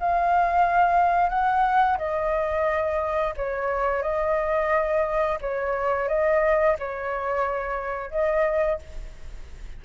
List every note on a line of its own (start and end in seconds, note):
0.00 1.30 F5
1.30 1.98 F#5
1.98 3.34 D#5
3.37 4.02 C#5
4.02 5.39 D#5
5.41 6.09 C#5
6.09 6.77 D#5
6.79 8.11 C#5
8.11 8.79 D#5